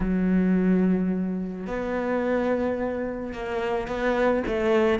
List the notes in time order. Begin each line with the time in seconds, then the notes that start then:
0.00 F#3
1.66 B3
3.33 A#3
3.87 B3
4.47 A3